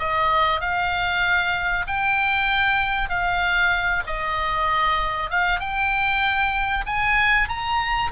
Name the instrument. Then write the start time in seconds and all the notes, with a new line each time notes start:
oboe
0.00 D#5
0.61 F5
1.88 G5
3.10 F5
4.07 D#5
5.31 F5
5.61 G5
6.86 G#5
7.49 A#5